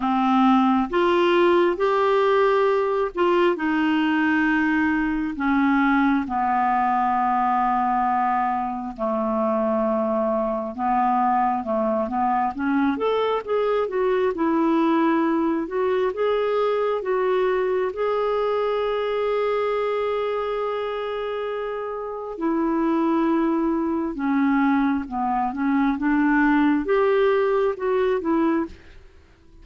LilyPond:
\new Staff \with { instrumentName = "clarinet" } { \time 4/4 \tempo 4 = 67 c'4 f'4 g'4. f'8 | dis'2 cis'4 b4~ | b2 a2 | b4 a8 b8 cis'8 a'8 gis'8 fis'8 |
e'4. fis'8 gis'4 fis'4 | gis'1~ | gis'4 e'2 cis'4 | b8 cis'8 d'4 g'4 fis'8 e'8 | }